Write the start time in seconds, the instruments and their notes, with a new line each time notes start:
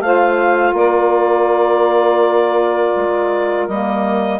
0.00 bassoon A3, saxophone F4 C5, clarinet F5
0.73 bassoon A#3, saxophone A#4, clarinet D5
2.97 bassoon G#3
3.68 bassoon G3, saxophone A#3, clarinet D#5